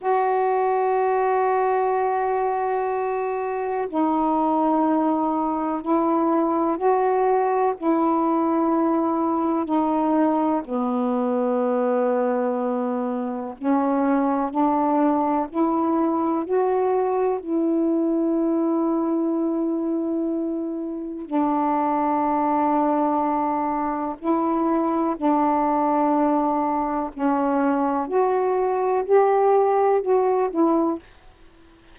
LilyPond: \new Staff \with { instrumentName = "saxophone" } { \time 4/4 \tempo 4 = 62 fis'1 | dis'2 e'4 fis'4 | e'2 dis'4 b4~ | b2 cis'4 d'4 |
e'4 fis'4 e'2~ | e'2 d'2~ | d'4 e'4 d'2 | cis'4 fis'4 g'4 fis'8 e'8 | }